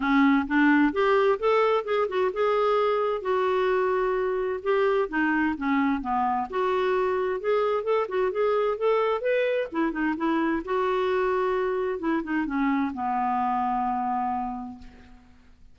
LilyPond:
\new Staff \with { instrumentName = "clarinet" } { \time 4/4 \tempo 4 = 130 cis'4 d'4 g'4 a'4 | gis'8 fis'8 gis'2 fis'4~ | fis'2 g'4 dis'4 | cis'4 b4 fis'2 |
gis'4 a'8 fis'8 gis'4 a'4 | b'4 e'8 dis'8 e'4 fis'4~ | fis'2 e'8 dis'8 cis'4 | b1 | }